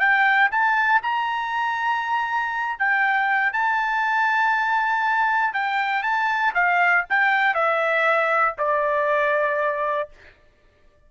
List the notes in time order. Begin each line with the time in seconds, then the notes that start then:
0.00 G5
0.52 A5
1.03 A#5
2.79 G5
3.53 A5
5.54 G5
6.03 A5
6.55 F5
7.10 G5
7.55 E5
8.58 D5